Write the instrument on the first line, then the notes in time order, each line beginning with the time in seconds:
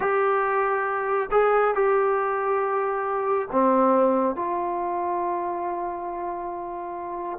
trombone
0.00 G4
1.31 G#4
1.74 G4
3.51 C4
4.35 F4